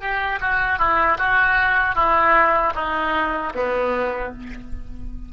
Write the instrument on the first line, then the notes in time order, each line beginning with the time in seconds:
oboe
0.00 G4
0.40 F#4
0.78 E4
1.18 F#4
1.95 E4
2.75 D#4
3.55 B3